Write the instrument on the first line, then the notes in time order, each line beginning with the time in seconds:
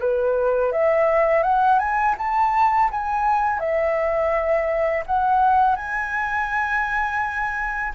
flute
0.00 B4
0.72 E5
1.43 F#5
1.79 G#5
2.18 A5
2.91 G#5
3.59 E5
5.06 F#5
5.76 G#5